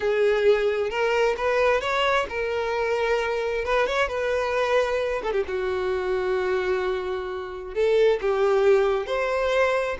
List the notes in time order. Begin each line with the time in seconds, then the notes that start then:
0.00 G#4
0.90 A#4
1.37 B4
1.81 C#5
2.29 A#4
3.65 B4
3.87 C#5
4.08 B4
5.23 A4
5.32 G4
5.47 F#4
7.74 A4
8.21 G4
9.06 C5